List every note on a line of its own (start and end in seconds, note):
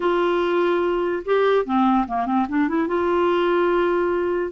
0.00 1.23 F4
1.25 1.65 G4
1.65 2.06 C4
2.07 2.25 A#3
2.25 2.46 C4
2.48 2.68 D4
2.68 2.87 E4
2.87 4.51 F4